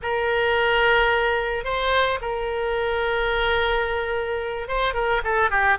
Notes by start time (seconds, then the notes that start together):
0.02 A#4
1.64 C5
2.21 A#4
4.67 C5
4.94 A#4
5.24 A4
5.50 G4